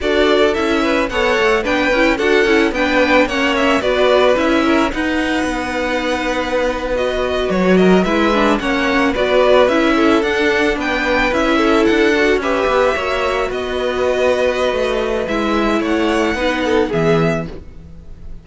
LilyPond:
<<
  \new Staff \with { instrumentName = "violin" } { \time 4/4 \tempo 4 = 110 d''4 e''4 fis''4 g''4 | fis''4 g''4 fis''8 e''8 d''4 | e''4 fis''2.~ | fis''8. dis''4 cis''8 dis''8 e''4 fis''16~ |
fis''8. d''4 e''4 fis''4 g''16~ | g''8. e''4 fis''4 e''4~ e''16~ | e''8. dis''2.~ dis''16 | e''4 fis''2 e''4 | }
  \new Staff \with { instrumentName = "violin" } { \time 4/4 a'4. b'8 cis''4 b'4 | a'4 b'4 cis''4 b'4~ | b'8 ais'8 b'2.~ | b'2~ b'16 ais'8 b'4 cis''16~ |
cis''8. b'4. a'4. b'16~ | b'4~ b'16 a'4. b'4 cis''16~ | cis''8. b'2.~ b'16~ | b'4 cis''4 b'8 a'8 gis'4 | }
  \new Staff \with { instrumentName = "viola" } { \time 4/4 fis'4 e'4 a'4 d'8 e'8 | fis'8 e'8 d'4 cis'4 fis'4 | e'4 dis'2.~ | dis'8. fis'2 e'8 d'8 cis'16~ |
cis'8. fis'4 e'4 d'4~ d'16~ | d'8. e'4. fis'8 g'4 fis'16~ | fis'1 | e'2 dis'4 b4 | }
  \new Staff \with { instrumentName = "cello" } { \time 4/4 d'4 cis'4 b8 a8 b8 cis'8 | d'8 cis'8 b4 ais4 b4 | cis'4 dis'4 b2~ | b4.~ b16 fis4 gis4 ais16~ |
ais8. b4 cis'4 d'4 b16~ | b8. cis'4 d'4 cis'8 b8 ais16~ | ais8. b2~ b16 a4 | gis4 a4 b4 e4 | }
>>